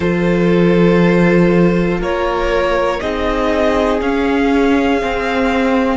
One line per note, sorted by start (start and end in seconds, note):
0.00 1.99 F3
0.00 3.00 F4
0.00 2.00 A4
0.00 2.00 C5
2.00 3.00 A#3
2.00 3.00 A#4
2.00 3.00 C#5
3.00 4.01 C4
3.00 4.00 D#4
3.00 5.97 G#4
3.00 4.00 D#5
4.01 5.01 C#4
4.01 5.97 F5
5.01 5.97 C4